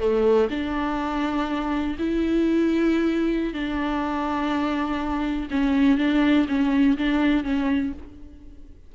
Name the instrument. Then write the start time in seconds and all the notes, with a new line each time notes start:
viola
0.00 A3
0.51 D4
1.99 E4
3.54 D4
5.51 C#4
5.98 D4
6.49 C#4
6.98 D4
7.44 C#4